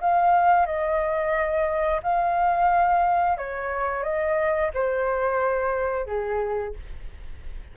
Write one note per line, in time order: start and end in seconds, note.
0.00 0.66 F5
0.66 2.00 D#5
2.03 3.38 F5
3.38 4.03 C#5
4.03 4.70 D#5
4.74 6.06 C5
6.06 6.74 G#4